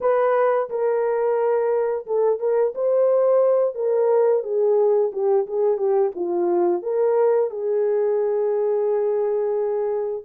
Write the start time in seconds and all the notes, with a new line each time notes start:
0.00 B4
0.69 A#4
2.06 A4
2.39 A#4
2.75 C5
3.75 A#4
4.43 G#4
5.12 G4
5.46 G#4
5.77 G4
6.15 F4
6.82 A#4
7.50 G#4